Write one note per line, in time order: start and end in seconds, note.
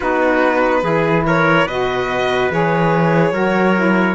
0.00 0.82 B3
0.00 0.83 D#4
0.00 0.82 F#4
0.00 1.23 B4
0.82 1.65 E3
0.82 1.66 E4
0.82 1.25 G#4
1.26 1.66 A#4
1.26 1.67 C#5
1.65 2.49 B2
1.65 2.51 F#4
1.65 3.32 B4
1.65 2.51 D#5
2.50 3.32 E3
2.50 3.32 G#4
2.50 4.15 C#5
3.32 4.15 F#3
3.32 3.74 F#4
3.32 4.15 A#4
3.75 4.15 E4